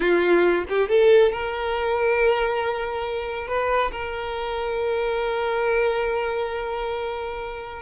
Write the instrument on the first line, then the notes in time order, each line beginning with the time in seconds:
violin
0.00 F4
0.69 G4
0.88 A4
1.32 A#4
3.47 B4
3.91 A#4